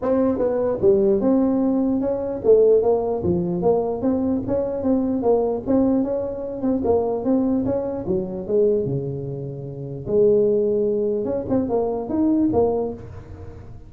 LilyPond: \new Staff \with { instrumentName = "tuba" } { \time 4/4 \tempo 4 = 149 c'4 b4 g4 c'4~ | c'4 cis'4 a4 ais4 | f4 ais4 c'4 cis'4 | c'4 ais4 c'4 cis'4~ |
cis'8 c'8 ais4 c'4 cis'4 | fis4 gis4 cis2~ | cis4 gis2. | cis'8 c'8 ais4 dis'4 ais4 | }